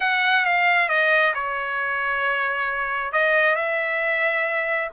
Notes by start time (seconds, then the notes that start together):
0.00 F#5
0.45 F5
0.88 D#5
1.34 C#5
3.12 D#5
3.55 E5